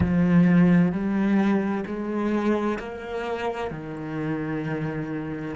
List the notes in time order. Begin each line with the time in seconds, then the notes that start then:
0.00 F3
0.91 G3
1.86 G#3
2.79 A#3
3.70 D#3